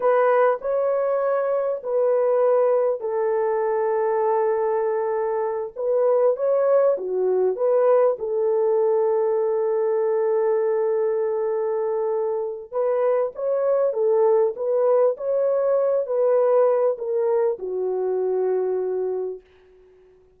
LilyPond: \new Staff \with { instrumentName = "horn" } { \time 4/4 \tempo 4 = 99 b'4 cis''2 b'4~ | b'4 a'2.~ | a'4. b'4 cis''4 fis'8~ | fis'8 b'4 a'2~ a'8~ |
a'1~ | a'4 b'4 cis''4 a'4 | b'4 cis''4. b'4. | ais'4 fis'2. | }